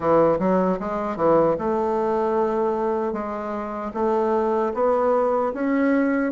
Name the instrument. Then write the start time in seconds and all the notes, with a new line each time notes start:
bassoon
0.00 E3
0.39 F#3
0.79 G#3
1.16 E3
1.58 A3
3.12 G#3
3.93 A3
4.74 B3
5.53 C#4